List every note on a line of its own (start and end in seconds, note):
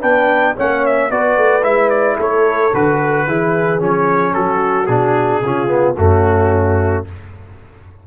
0.00 0.57 B3
0.00 0.56 D4
0.00 0.54 B4
0.00 0.56 G5
0.57 1.11 A#3
0.57 1.11 C#4
0.57 1.11 C#5
0.57 0.86 F#5
0.86 1.11 E5
1.11 1.38 B3
1.11 1.63 F#4
1.11 2.17 B4
1.11 1.64 D5
1.38 1.64 A3
1.63 2.18 G#3
1.63 2.71 E4
1.63 1.90 E5
1.90 2.17 D5
2.17 2.73 A3
2.17 3.25 A4
2.17 2.75 C#5
2.74 3.27 D3
2.74 3.28 F#4
2.74 3.83 B4
3.27 3.81 E3
3.27 3.80 E4
3.27 4.34 G#4
3.80 4.35 F3
3.80 4.88 C#4
3.80 4.34 C#5
4.34 4.88 F#3
4.34 5.42 F#4
4.34 4.87 A4
4.87 5.42 B2
4.87 5.44 D4
4.87 5.95 G#4
5.42 5.97 C#3
5.42 5.68 C#4
5.42 5.99 F4
5.68 5.95 B3
5.98 7.06 F#2
5.98 7.06 A3
5.98 7.07 C#4
5.98 7.06 F#4